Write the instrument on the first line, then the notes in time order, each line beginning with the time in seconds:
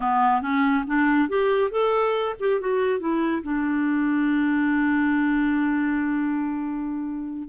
clarinet
0.00 B3
0.41 C#4
0.86 D4
1.28 G4
1.70 A4
2.39 G4
2.60 F#4
2.99 E4
3.42 D4